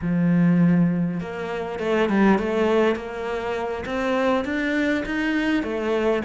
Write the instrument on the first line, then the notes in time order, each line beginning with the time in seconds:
cello
0.01 F3
1.20 A#3
1.79 A3
2.09 G3
2.38 A3
2.95 A#3
3.85 C4
4.44 D4
5.05 D#4
5.63 A3